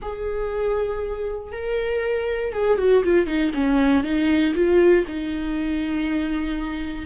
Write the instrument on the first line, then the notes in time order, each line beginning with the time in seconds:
viola
0.02 G#4
1.52 A#4
2.52 G#4
2.77 F#4
3.03 F4
3.26 D#4
3.54 C#4
4.03 D#4
4.54 F4
5.07 D#4